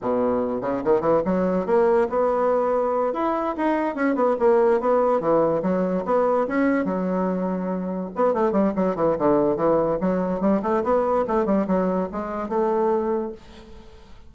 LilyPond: \new Staff \with { instrumentName = "bassoon" } { \time 4/4 \tempo 4 = 144 b,4. cis8 dis8 e8 fis4 | ais4 b2~ b8 e'8~ | e'8 dis'4 cis'8 b8 ais4 b8~ | b8 e4 fis4 b4 cis'8~ |
cis'8 fis2. b8 | a8 g8 fis8 e8 d4 e4 | fis4 g8 a8 b4 a8 g8 | fis4 gis4 a2 | }